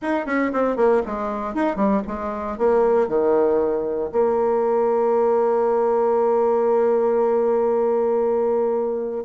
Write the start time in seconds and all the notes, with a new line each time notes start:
0.02 D#4
0.26 C#4
0.52 C4
0.76 A#3
1.06 G#3
1.54 D#4
1.76 G3
2.07 G#3
2.58 A#3
3.07 D#3
4.12 A#3